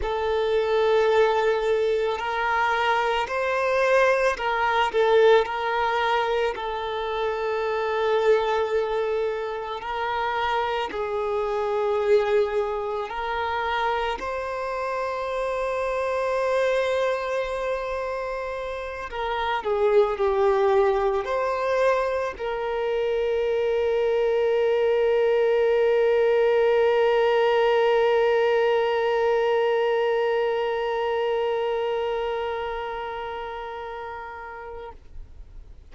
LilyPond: \new Staff \with { instrumentName = "violin" } { \time 4/4 \tempo 4 = 55 a'2 ais'4 c''4 | ais'8 a'8 ais'4 a'2~ | a'4 ais'4 gis'2 | ais'4 c''2.~ |
c''4. ais'8 gis'8 g'4 c''8~ | c''8 ais'2.~ ais'8~ | ais'1~ | ais'1 | }